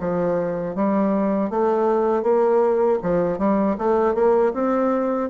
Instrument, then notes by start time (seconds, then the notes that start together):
bassoon
0.00 F3
0.75 G3
1.50 A3
2.23 A#3
3.02 F3
3.38 G3
3.78 A3
4.15 A#3
4.54 C4